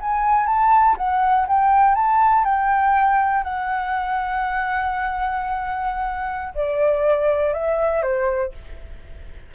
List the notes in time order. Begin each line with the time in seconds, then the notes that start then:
0.00 G#5
0.46 A5
0.97 F#5
1.47 G5
1.95 A5
2.44 G5
3.43 F#5
6.54 D5
7.53 E5
8.02 C5